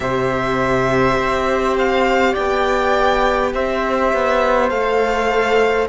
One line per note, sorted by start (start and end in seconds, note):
0.00 1.17 C3
0.00 4.70 G4
0.00 2.32 C5
0.00 1.76 E5
1.18 2.35 C4
1.78 2.35 F5
2.32 3.54 B3
2.32 3.49 D5
2.32 3.52 G5
3.53 4.12 C4
3.53 5.88 C5
3.53 4.69 E5
4.13 4.70 B3
4.69 5.88 A3
4.69 5.88 A4
4.69 5.87 F5